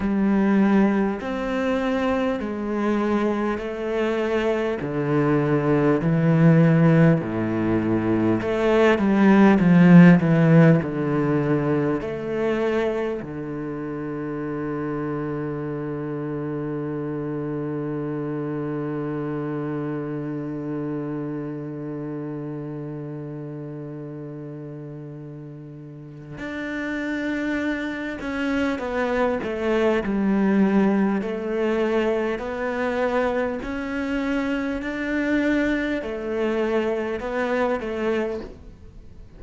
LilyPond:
\new Staff \with { instrumentName = "cello" } { \time 4/4 \tempo 4 = 50 g4 c'4 gis4 a4 | d4 e4 a,4 a8 g8 | f8 e8 d4 a4 d4~ | d1~ |
d1~ | d2 d'4. cis'8 | b8 a8 g4 a4 b4 | cis'4 d'4 a4 b8 a8 | }